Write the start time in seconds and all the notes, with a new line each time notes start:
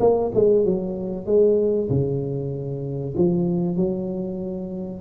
0.00 A#3
0.34 G#3
0.65 F#3
1.26 G#3
1.89 C#3
3.17 F3
3.76 F#3